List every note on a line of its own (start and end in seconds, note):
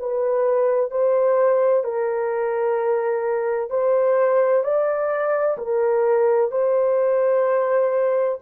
0.00 0.91 B4
0.91 1.84 C5
1.84 3.70 A#4
3.70 4.64 C5
4.64 5.57 D5
5.58 6.51 A#4
6.51 8.39 C5